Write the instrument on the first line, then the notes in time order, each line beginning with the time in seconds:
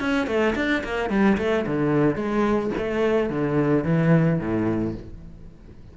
cello
0.00 C#4
0.27 A3
0.56 D4
0.84 A#3
1.10 G3
1.38 A3
1.67 D3
2.16 G#3
2.78 A3
3.30 D3
3.85 E3
4.40 A2